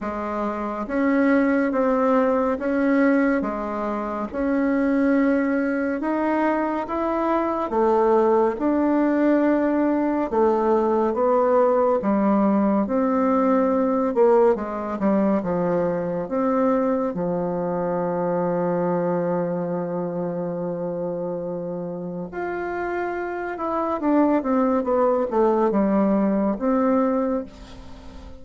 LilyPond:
\new Staff \with { instrumentName = "bassoon" } { \time 4/4 \tempo 4 = 70 gis4 cis'4 c'4 cis'4 | gis4 cis'2 dis'4 | e'4 a4 d'2 | a4 b4 g4 c'4~ |
c'8 ais8 gis8 g8 f4 c'4 | f1~ | f2 f'4. e'8 | d'8 c'8 b8 a8 g4 c'4 | }